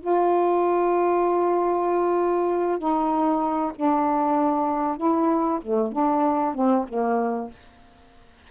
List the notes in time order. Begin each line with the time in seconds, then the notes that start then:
0.00 F4
2.78 D#4
3.75 D4
4.97 E4
5.61 A3
5.92 D4
6.54 C4
6.88 A#3